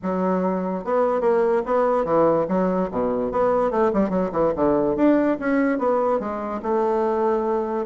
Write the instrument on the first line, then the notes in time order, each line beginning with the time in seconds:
bassoon
0.02 F#3
0.84 B3
1.21 A#3
1.65 B3
2.04 E3
2.48 F#3
2.91 B2
3.31 B3
3.70 A3
3.93 G3
4.09 F#3
4.31 E3
4.55 D3
4.96 D4
5.39 C#4
5.78 B3
6.19 G#3
6.62 A3